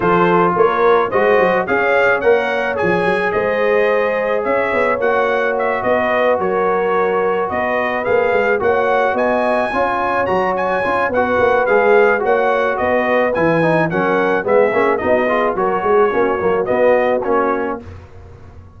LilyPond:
<<
  \new Staff \with { instrumentName = "trumpet" } { \time 4/4 \tempo 4 = 108 c''4 cis''4 dis''4 f''4 | fis''4 gis''4 dis''2 | e''4 fis''4 e''8 dis''4 cis''8~ | cis''4. dis''4 f''4 fis''8~ |
fis''8 gis''2 ais''8 gis''4 | fis''4 f''4 fis''4 dis''4 | gis''4 fis''4 e''4 dis''4 | cis''2 dis''4 cis''4 | }
  \new Staff \with { instrumentName = "horn" } { \time 4/4 a'4 ais'4 c''4 cis''4~ | cis''2 c''2 | cis''2~ cis''8 b'4 ais'8~ | ais'4. b'2 cis''8~ |
cis''8 dis''4 cis''2~ cis''8 | b'2 cis''4 b'4~ | b'4 ais'4 gis'4 fis'8 gis'8 | ais'8 gis'8 fis'2. | }
  \new Staff \with { instrumentName = "trombone" } { \time 4/4 f'2 fis'4 gis'4 | ais'4 gis'2.~ | gis'4 fis'2.~ | fis'2~ fis'8 gis'4 fis'8~ |
fis'4. f'4 fis'4 f'8 | fis'4 gis'4 fis'2 | e'8 dis'8 cis'4 b8 cis'8 dis'8 f'8 | fis'4 cis'8 ais8 b4 cis'4 | }
  \new Staff \with { instrumentName = "tuba" } { \time 4/4 f4 ais4 gis8 fis8 cis'4 | ais4 f8 fis8 gis2 | cis'8 b8 ais4. b4 fis8~ | fis4. b4 ais8 gis8 ais8~ |
ais8 b4 cis'4 fis4 cis'8 | b8 ais8 gis4 ais4 b4 | e4 fis4 gis8 ais8 b4 | fis8 gis8 ais8 fis8 b4 ais4 | }
>>